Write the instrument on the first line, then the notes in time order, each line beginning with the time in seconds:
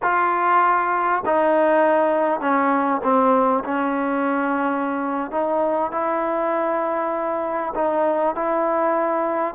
trombone
0.02 F4
1.25 D#4
2.40 C#4
3.03 C4
3.64 C#4
5.31 D#4
5.91 E4
7.74 D#4
8.35 E4